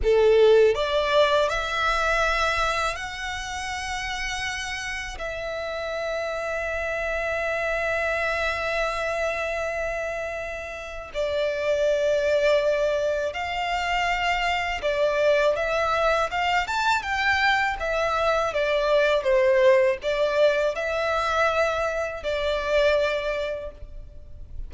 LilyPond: \new Staff \with { instrumentName = "violin" } { \time 4/4 \tempo 4 = 81 a'4 d''4 e''2 | fis''2. e''4~ | e''1~ | e''2. d''4~ |
d''2 f''2 | d''4 e''4 f''8 a''8 g''4 | e''4 d''4 c''4 d''4 | e''2 d''2 | }